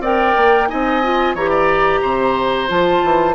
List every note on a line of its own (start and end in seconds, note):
0.00 0.33 C4
0.00 0.68 A#4
0.00 0.68 D5
0.00 0.68 G5
0.37 0.70 A#3
0.68 1.34 C4
0.68 1.02 D#4
0.68 1.35 D#5
0.68 1.35 G#5
1.03 1.36 F4
1.34 2.01 E3
1.34 2.68 G4
1.34 1.50 C#5
1.34 2.69 A#5
1.50 2.00 D5
2.02 2.70 C3
2.02 3.35 C5
2.68 3.03 F3
2.68 3.34 F4
2.68 3.35 A5
3.03 3.35 E3